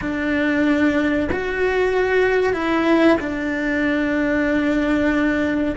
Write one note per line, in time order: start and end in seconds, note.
0.01 1.29 D4
1.31 2.53 F#4
2.53 3.17 E4
3.19 5.75 D4